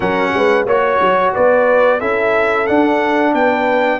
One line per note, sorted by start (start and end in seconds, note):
0.00 0.32 F#3
0.00 0.67 C#4
0.00 0.33 A#4
0.00 0.66 F#5
0.34 0.66 G#3
0.34 0.66 B4
0.66 0.99 A#3
0.66 2.01 F#4
0.66 1.32 C#5
0.66 1.34 C#5
1.01 1.34 F#3
1.33 2.01 B3
1.33 1.99 B4
1.33 2.00 D5
1.99 2.67 C#4
1.99 2.67 E4
1.99 3.32 A4
1.99 2.66 E5
2.66 3.99 D4
2.66 3.33 D4
2.66 3.33 F#5
3.33 3.99 B3
3.33 3.99 B4
3.33 3.99 G5